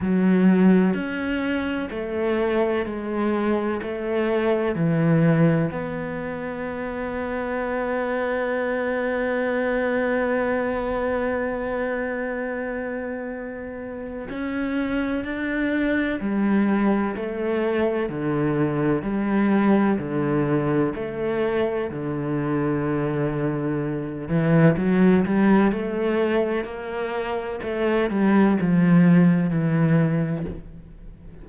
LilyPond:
\new Staff \with { instrumentName = "cello" } { \time 4/4 \tempo 4 = 63 fis4 cis'4 a4 gis4 | a4 e4 b2~ | b1~ | b2. cis'4 |
d'4 g4 a4 d4 | g4 d4 a4 d4~ | d4. e8 fis8 g8 a4 | ais4 a8 g8 f4 e4 | }